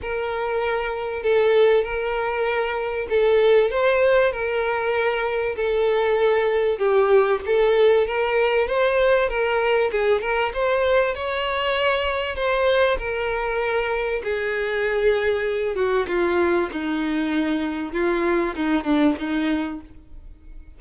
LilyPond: \new Staff \with { instrumentName = "violin" } { \time 4/4 \tempo 4 = 97 ais'2 a'4 ais'4~ | ais'4 a'4 c''4 ais'4~ | ais'4 a'2 g'4 | a'4 ais'4 c''4 ais'4 |
gis'8 ais'8 c''4 cis''2 | c''4 ais'2 gis'4~ | gis'4. fis'8 f'4 dis'4~ | dis'4 f'4 dis'8 d'8 dis'4 | }